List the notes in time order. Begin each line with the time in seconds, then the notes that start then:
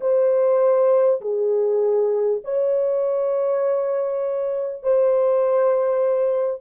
0.00 C5
1.21 G#4
2.44 C#5
4.83 C5